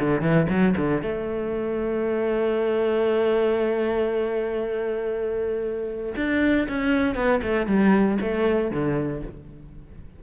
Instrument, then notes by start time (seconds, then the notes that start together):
cello
0.00 D3
0.22 E3
0.49 F#3
0.77 D3
1.02 A3
6.16 D4
6.69 C#4
7.15 B3
7.43 A3
7.67 G3
8.21 A3
8.71 D3